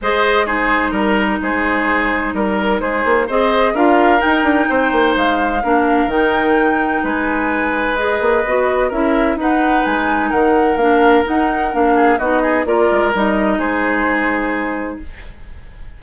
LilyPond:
<<
  \new Staff \with { instrumentName = "flute" } { \time 4/4 \tempo 4 = 128 dis''4 c''4 ais'4 c''4~ | c''4 ais'4 c''4 dis''4 | f''4 g''2 f''4~ | f''4 g''2 gis''4~ |
gis''4 dis''2 e''4 | fis''4 gis''4 fis''4 f''4 | fis''4 f''4 dis''4 d''4 | dis''4 c''2. | }
  \new Staff \with { instrumentName = "oboe" } { \time 4/4 c''4 gis'4 ais'4 gis'4~ | gis'4 ais'4 gis'4 c''4 | ais'2 c''2 | ais'2. b'4~ |
b'2. ais'4 | b'2 ais'2~ | ais'4. gis'8 fis'8 gis'8 ais'4~ | ais'4 gis'2. | }
  \new Staff \with { instrumentName = "clarinet" } { \time 4/4 gis'4 dis'2.~ | dis'2. gis'4 | f'4 dis'2. | d'4 dis'2.~ |
dis'4 gis'4 fis'4 e'4 | dis'2. d'4 | dis'4 d'4 dis'4 f'4 | dis'1 | }
  \new Staff \with { instrumentName = "bassoon" } { \time 4/4 gis2 g4 gis4~ | gis4 g4 gis8 ais8 c'4 | d'4 dis'8 d'8 c'8 ais8 gis4 | ais4 dis2 gis4~ |
gis4. ais8 b4 cis'4 | dis'4 gis4 dis4 ais4 | dis'4 ais4 b4 ais8 gis8 | g4 gis2. | }
>>